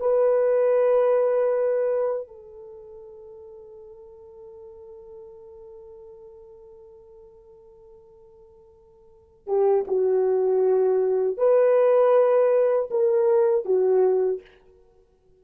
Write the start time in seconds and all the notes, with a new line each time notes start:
0.00 B4
2.28 A4
9.47 G4
9.88 F#4
11.38 B4
12.91 A#4
13.65 F#4